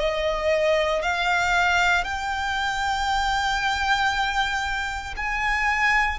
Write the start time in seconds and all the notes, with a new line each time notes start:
0.00 D#5
1.03 F5
2.05 G5
5.17 G#5